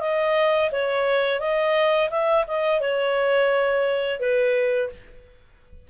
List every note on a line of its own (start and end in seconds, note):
0.00 0.70 D#5
0.71 1.39 C#5
1.39 2.09 D#5
2.10 2.45 E5
2.47 2.80 D#5
2.80 4.20 C#5
4.20 4.89 B4